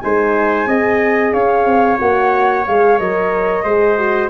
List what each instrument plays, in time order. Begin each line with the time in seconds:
0.00 tuba G#3, horn D#4, trumpet C5, flute G#5
0.67 tuba C4, horn G#4, trumpet D#5
1.33 tuba C#4, trumpet C#5, flute F5
1.66 tuba C4
1.98 tuba A#3, horn F#4, flute F#5
2.67 tuba G#3, horn G#4, flute F5
2.99 tuba F#3, horn A#4, flute D#5
3.64 tuba G#3, horn G#4, trumpet C5
3.98 horn F#4